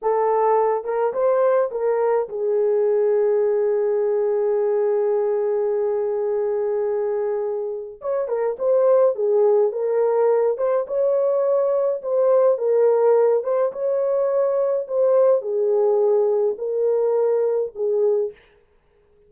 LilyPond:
\new Staff \with { instrumentName = "horn" } { \time 4/4 \tempo 4 = 105 a'4. ais'8 c''4 ais'4 | gis'1~ | gis'1~ | gis'2 cis''8 ais'8 c''4 |
gis'4 ais'4. c''8 cis''4~ | cis''4 c''4 ais'4. c''8 | cis''2 c''4 gis'4~ | gis'4 ais'2 gis'4 | }